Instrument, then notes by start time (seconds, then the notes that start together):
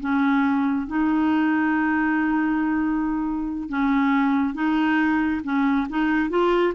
clarinet
0.00 C#4
0.87 D#4
3.69 C#4
4.55 D#4
5.44 C#4
5.89 D#4
6.30 F4